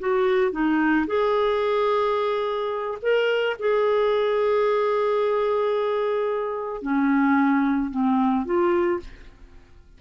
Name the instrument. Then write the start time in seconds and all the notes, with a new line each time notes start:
clarinet
0.00 F#4
0.52 D#4
1.07 G#4
3.02 A#4
3.60 G#4
6.82 C#4
7.91 C4
8.45 F4